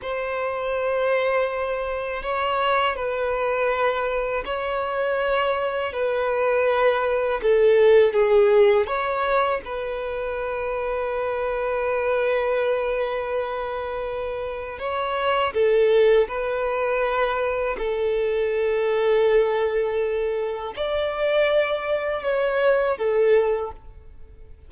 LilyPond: \new Staff \with { instrumentName = "violin" } { \time 4/4 \tempo 4 = 81 c''2. cis''4 | b'2 cis''2 | b'2 a'4 gis'4 | cis''4 b'2.~ |
b'1 | cis''4 a'4 b'2 | a'1 | d''2 cis''4 a'4 | }